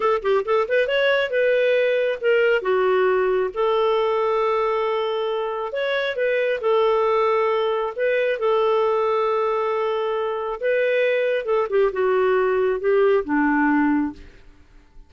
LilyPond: \new Staff \with { instrumentName = "clarinet" } { \time 4/4 \tempo 4 = 136 a'8 g'8 a'8 b'8 cis''4 b'4~ | b'4 ais'4 fis'2 | a'1~ | a'4 cis''4 b'4 a'4~ |
a'2 b'4 a'4~ | a'1 | b'2 a'8 g'8 fis'4~ | fis'4 g'4 d'2 | }